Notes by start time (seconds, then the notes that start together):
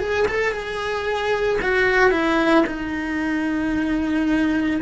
0.00 G#4
0.28 A4
0.53 G#4
1.62 F#4
2.11 E4
2.67 D#4